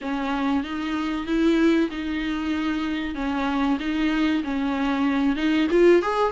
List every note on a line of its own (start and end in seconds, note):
0.01 0.63 C#4
0.63 1.26 D#4
1.26 1.89 E4
1.90 3.14 D#4
3.14 3.78 C#4
3.79 4.42 D#4
4.43 5.36 C#4
5.36 5.67 D#4
5.70 6.02 F4
6.02 6.32 G#4